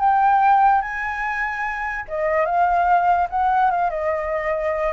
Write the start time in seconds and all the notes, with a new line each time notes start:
0.00 G5
0.82 G#5
2.08 D#5
2.46 F5
3.31 F#5
3.71 F5
3.91 D#5